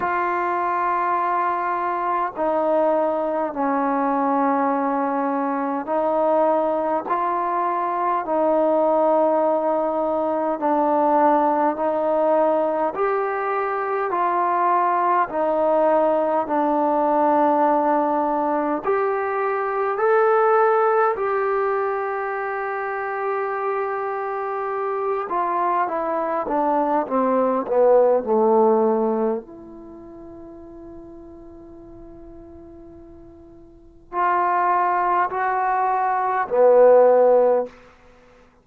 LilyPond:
\new Staff \with { instrumentName = "trombone" } { \time 4/4 \tempo 4 = 51 f'2 dis'4 cis'4~ | cis'4 dis'4 f'4 dis'4~ | dis'4 d'4 dis'4 g'4 | f'4 dis'4 d'2 |
g'4 a'4 g'2~ | g'4. f'8 e'8 d'8 c'8 b8 | a4 e'2.~ | e'4 f'4 fis'4 b4 | }